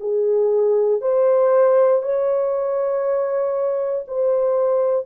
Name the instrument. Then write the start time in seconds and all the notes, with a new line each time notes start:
horn
0.00 G#4
1.01 C5
2.02 C#5
4.08 C5